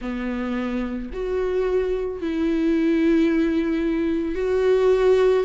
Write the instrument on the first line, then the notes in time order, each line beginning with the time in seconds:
viola
0.01 B3
1.13 F#4
2.21 E4
4.35 F#4